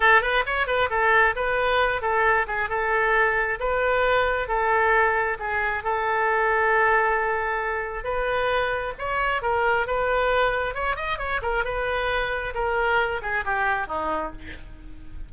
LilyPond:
\new Staff \with { instrumentName = "oboe" } { \time 4/4 \tempo 4 = 134 a'8 b'8 cis''8 b'8 a'4 b'4~ | b'8 a'4 gis'8 a'2 | b'2 a'2 | gis'4 a'2.~ |
a'2 b'2 | cis''4 ais'4 b'2 | cis''8 dis''8 cis''8 ais'8 b'2 | ais'4. gis'8 g'4 dis'4 | }